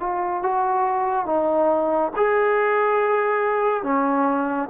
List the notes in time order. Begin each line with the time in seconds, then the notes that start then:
0.00 F4
0.43 F#4
1.26 D#4
2.17 G#4
3.83 C#4